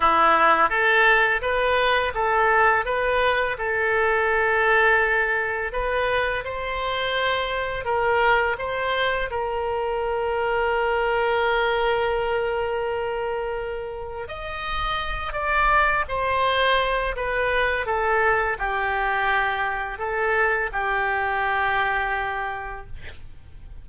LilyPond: \new Staff \with { instrumentName = "oboe" } { \time 4/4 \tempo 4 = 84 e'4 a'4 b'4 a'4 | b'4 a'2. | b'4 c''2 ais'4 | c''4 ais'2.~ |
ais'1 | dis''4. d''4 c''4. | b'4 a'4 g'2 | a'4 g'2. | }